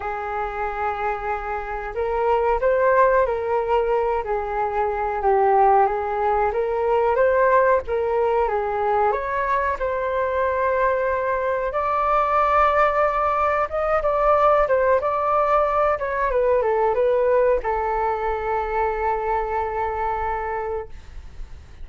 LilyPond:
\new Staff \with { instrumentName = "flute" } { \time 4/4 \tempo 4 = 92 gis'2. ais'4 | c''4 ais'4. gis'4. | g'4 gis'4 ais'4 c''4 | ais'4 gis'4 cis''4 c''4~ |
c''2 d''2~ | d''4 dis''8 d''4 c''8 d''4~ | d''8 cis''8 b'8 a'8 b'4 a'4~ | a'1 | }